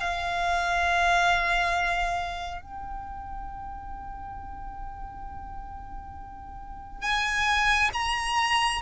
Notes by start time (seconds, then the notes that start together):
0.00 F5
2.61 G5
7.02 G#5
7.93 A#5